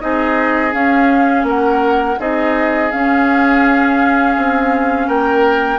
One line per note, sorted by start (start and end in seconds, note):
0.00 0.73 C4
0.00 0.72 D#4
0.00 1.47 G#4
0.00 0.73 D#5
0.72 2.16 C#4
0.72 1.43 C#4
0.72 1.45 F5
1.43 2.15 A#3
1.43 2.19 A#4
1.43 2.20 F#5
2.19 2.91 C4
2.19 2.91 D#4
2.19 5.07 G#4
2.19 2.91 D#5
2.91 5.79 C#4
2.91 4.37 C#4
2.91 5.08 F5
4.37 5.08 C4
5.07 5.79 A#3
5.07 5.79 A#4
5.07 5.79 G5